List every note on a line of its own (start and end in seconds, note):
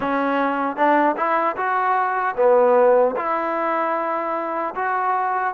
0.00 0.76 C#4
0.76 1.15 D4
1.16 1.56 E4
1.56 2.35 F#4
2.36 3.15 B3
3.16 4.74 E4
4.75 5.54 F#4